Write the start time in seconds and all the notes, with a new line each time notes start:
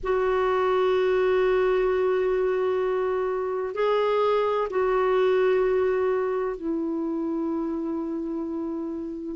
0.03 F#4
3.74 G#4
4.70 F#4
6.56 E4